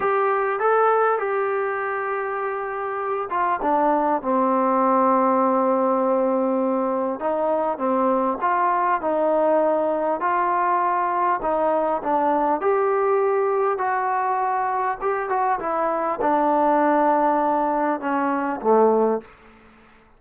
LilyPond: \new Staff \with { instrumentName = "trombone" } { \time 4/4 \tempo 4 = 100 g'4 a'4 g'2~ | g'4. f'8 d'4 c'4~ | c'1 | dis'4 c'4 f'4 dis'4~ |
dis'4 f'2 dis'4 | d'4 g'2 fis'4~ | fis'4 g'8 fis'8 e'4 d'4~ | d'2 cis'4 a4 | }